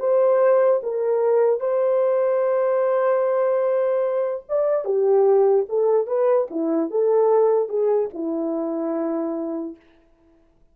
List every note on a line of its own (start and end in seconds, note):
0.00 0.81 C5
0.83 1.60 A#4
1.60 4.44 C5
4.49 4.85 D5
4.85 5.66 G4
5.69 6.07 A4
6.07 6.48 B4
6.51 6.91 E4
6.91 7.69 A4
7.69 8.10 G#4
8.14 9.76 E4